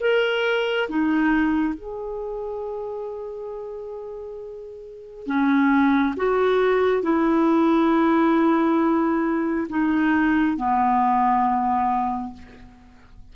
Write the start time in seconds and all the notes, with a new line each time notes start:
0.00 A#4
0.88 D#4
1.74 G#4
5.26 C#4
6.16 F#4
7.02 E4
9.69 D#4
10.56 B3